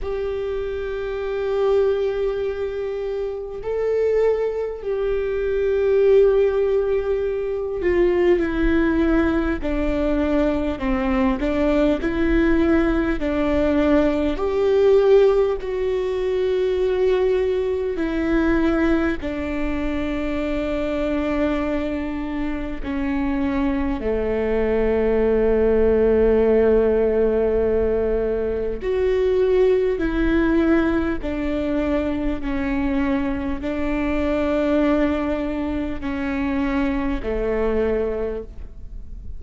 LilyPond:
\new Staff \with { instrumentName = "viola" } { \time 4/4 \tempo 4 = 50 g'2. a'4 | g'2~ g'8 f'8 e'4 | d'4 c'8 d'8 e'4 d'4 | g'4 fis'2 e'4 |
d'2. cis'4 | a1 | fis'4 e'4 d'4 cis'4 | d'2 cis'4 a4 | }